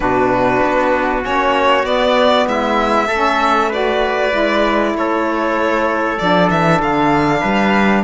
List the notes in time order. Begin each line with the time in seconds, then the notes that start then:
0.00 B2 D4 F#4 B4
0.62 B3
1.22 A#3 C#4 C#5
1.83 B3 D5
2.47 G#3 E4 E5
3.07 A3 C#4 A4
3.69 F#4 B4 D5
4.30 G#3 E4
4.94 A3 A4 C#5
6.18 F3 D4 D5
6.49 E3 E5
6.80 D3 F5
7.40 G3 B4